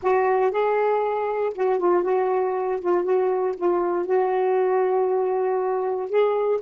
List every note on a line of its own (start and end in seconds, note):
0.02 0.51 F#4
0.51 1.53 G#4
1.54 1.79 F#4
1.79 2.03 F4
2.03 2.80 F#4
2.81 3.04 F4
3.04 3.55 F#4
3.56 4.06 F4
4.06 6.09 F#4
6.09 6.60 G#4